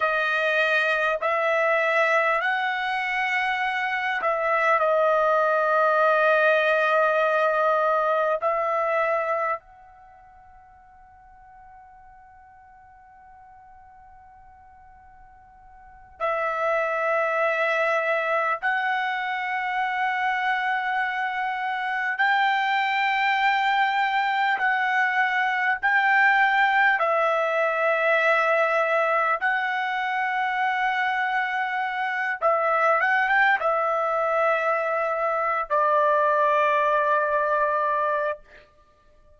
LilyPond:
\new Staff \with { instrumentName = "trumpet" } { \time 4/4 \tempo 4 = 50 dis''4 e''4 fis''4. e''8 | dis''2. e''4 | fis''1~ | fis''4. e''2 fis''8~ |
fis''2~ fis''8 g''4.~ | g''8 fis''4 g''4 e''4.~ | e''8 fis''2~ fis''8 e''8 fis''16 g''16 | e''4.~ e''16 d''2~ d''16 | }